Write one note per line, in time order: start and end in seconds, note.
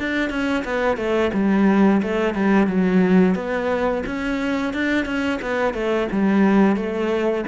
0.00 0.30 D4
0.30 0.64 C#4
0.65 0.97 B3
0.97 1.31 A3
1.34 2.02 G3
2.03 2.35 A3
2.35 2.67 G3
2.67 3.36 F#3
3.36 4.04 B3
4.07 4.74 C#4
4.74 5.06 D4
5.06 5.40 C#4
5.42 5.74 B3
5.74 6.08 A3
6.12 6.77 G3
6.77 7.45 A3